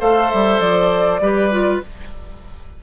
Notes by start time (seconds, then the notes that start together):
0.00 A3 A4 C5 F5
0.31 G3 E5
0.60 F3 D5
1.20 G3 G4 B4
1.52 F4